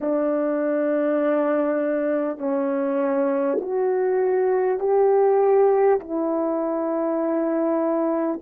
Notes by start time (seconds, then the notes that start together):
0.01 D4
2.37 C#4
3.60 F#4
4.79 G4
5.99 E4